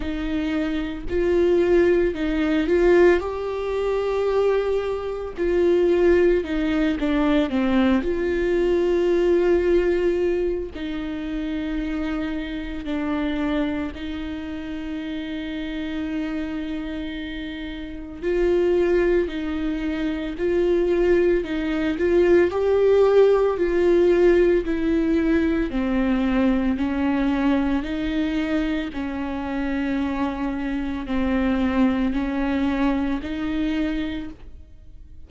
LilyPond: \new Staff \with { instrumentName = "viola" } { \time 4/4 \tempo 4 = 56 dis'4 f'4 dis'8 f'8 g'4~ | g'4 f'4 dis'8 d'8 c'8 f'8~ | f'2 dis'2 | d'4 dis'2.~ |
dis'4 f'4 dis'4 f'4 | dis'8 f'8 g'4 f'4 e'4 | c'4 cis'4 dis'4 cis'4~ | cis'4 c'4 cis'4 dis'4 | }